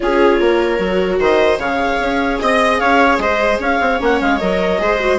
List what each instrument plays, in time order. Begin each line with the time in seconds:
0.00 bassoon C#4, viola F4 G#4, clarinet C#5
0.40 bassoon A#3, viola A#4
0.78 bassoon F#3, viola F#4
1.19 bassoon D#3, viola C5, clarinet D#5
1.58 bassoon C#3, viola G#4 C#5, clarinet F5
1.99 bassoon C#4
2.40 bassoon C4, clarinet D#5, viola D#5
2.78 bassoon C#4, viola C#5, clarinet F5
3.18 bassoon G#3, viola C5, clarinet D#5
3.59 bassoon C#4, viola C#5, clarinet F5
3.80 bassoon C4
3.98 bassoon A#3, viola C#4, clarinet F#5
4.20 bassoon G#3, clarinet F5
4.38 bassoon F#3, viola A#4, clarinet D#5
4.78 bassoon G#3, viola G#4 C5
4.99 viola F#4